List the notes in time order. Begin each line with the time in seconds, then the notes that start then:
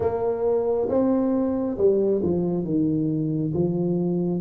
0.00 A#3
0.89 C4
1.77 G3
2.22 F3
2.64 D#3
3.53 F3